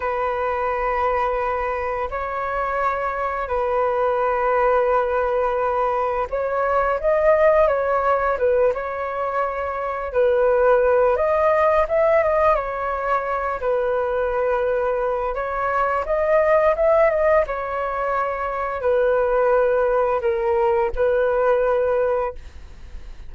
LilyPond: \new Staff \with { instrumentName = "flute" } { \time 4/4 \tempo 4 = 86 b'2. cis''4~ | cis''4 b'2.~ | b'4 cis''4 dis''4 cis''4 | b'8 cis''2 b'4. |
dis''4 e''8 dis''8 cis''4. b'8~ | b'2 cis''4 dis''4 | e''8 dis''8 cis''2 b'4~ | b'4 ais'4 b'2 | }